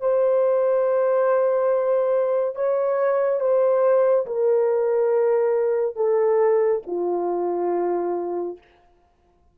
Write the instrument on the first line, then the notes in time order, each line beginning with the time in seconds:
horn
0.00 C5
2.56 C#5
3.40 C5
4.26 A#4
5.96 A4
6.86 F4